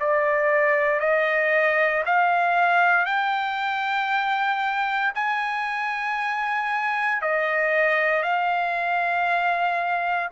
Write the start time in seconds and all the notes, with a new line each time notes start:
0.00 D5
1.00 D#5
2.05 F5
3.05 G5
5.15 G#5
7.22 D#5
8.22 F5